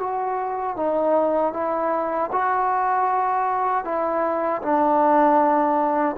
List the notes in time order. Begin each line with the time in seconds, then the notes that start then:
0.00 F#4
0.77 D#4
1.53 E4
2.32 F#4
3.85 E4
4.62 D4